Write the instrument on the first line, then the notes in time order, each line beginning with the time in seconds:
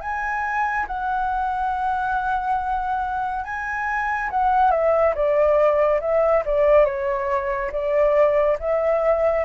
flute
0.00 G#5
0.86 F#5
3.44 G#5
4.30 F#5
4.71 E5
5.14 D5
6.00 E5
6.45 D5
6.85 C#5
7.71 D5
8.59 E5